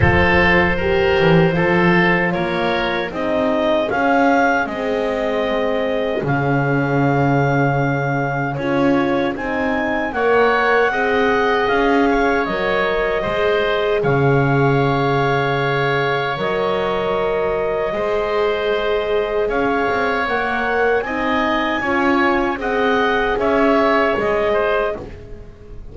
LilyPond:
<<
  \new Staff \with { instrumentName = "clarinet" } { \time 4/4 \tempo 4 = 77 c''2. cis''4 | dis''4 f''4 dis''2 | f''2. cis''4 | gis''4 fis''2 f''4 |
dis''2 f''2~ | f''4 dis''2.~ | dis''4 f''4 fis''4 gis''4~ | gis''4 fis''4 e''4 dis''4 | }
  \new Staff \with { instrumentName = "oboe" } { \time 4/4 a'4 ais'4 a'4 ais'4 | gis'1~ | gis'1~ | gis'4 cis''4 dis''4. cis''8~ |
cis''4 c''4 cis''2~ | cis''2. c''4~ | c''4 cis''2 dis''4 | cis''4 dis''4 cis''4. c''8 | }
  \new Staff \with { instrumentName = "horn" } { \time 4/4 f'4 g'4 f'2 | dis'4 cis'4 c'2 | cis'2. f'4 | dis'4 ais'4 gis'2 |
ais'4 gis'2.~ | gis'4 ais'2 gis'4~ | gis'2 ais'4 dis'4 | f'4 gis'2. | }
  \new Staff \with { instrumentName = "double bass" } { \time 4/4 f4. e8 f4 ais4 | c'4 cis'4 gis2 | cis2. cis'4 | c'4 ais4 c'4 cis'4 |
fis4 gis4 cis2~ | cis4 fis2 gis4~ | gis4 cis'8 c'8 ais4 c'4 | cis'4 c'4 cis'4 gis4 | }
>>